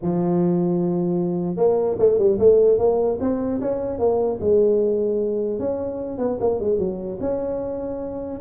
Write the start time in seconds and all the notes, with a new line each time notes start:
0.02 F3
1.56 A#3
1.98 A3
2.18 G3
2.38 A3
2.78 A#3
3.20 C4
3.60 C#4
3.98 A#3
4.40 G#3
5.59 C#4
6.18 B3
6.39 A#3
6.60 G#3
6.78 F#3
7.20 C#4